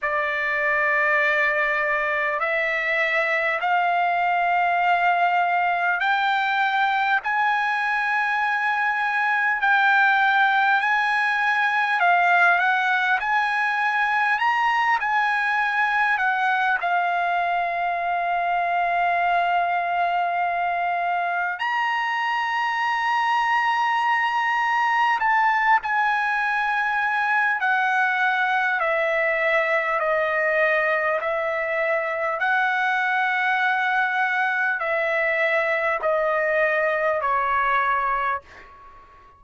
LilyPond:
\new Staff \with { instrumentName = "trumpet" } { \time 4/4 \tempo 4 = 50 d''2 e''4 f''4~ | f''4 g''4 gis''2 | g''4 gis''4 f''8 fis''8 gis''4 | ais''8 gis''4 fis''8 f''2~ |
f''2 ais''2~ | ais''4 a''8 gis''4. fis''4 | e''4 dis''4 e''4 fis''4~ | fis''4 e''4 dis''4 cis''4 | }